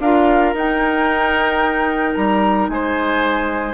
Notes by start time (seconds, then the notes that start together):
0.00 D4 F4 A#4 F5
0.54 D#4 G5
2.15 G3 A#5
2.69 G#3 C5 G#5